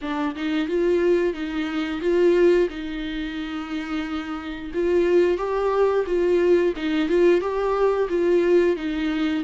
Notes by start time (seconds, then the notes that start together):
0.01 D4
0.36 D#4
0.67 F4
1.33 D#4
2.00 F4
2.69 D#4
4.74 F4
5.37 G4
6.06 F4
6.76 D#4
7.08 F4
7.40 G4
8.09 F4
8.76 D#4